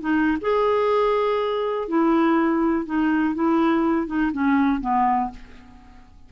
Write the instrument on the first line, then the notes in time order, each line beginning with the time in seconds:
clarinet
0.00 D#4
0.41 G#4
1.88 E4
2.85 D#4
3.34 E4
4.07 D#4
4.32 C#4
4.81 B3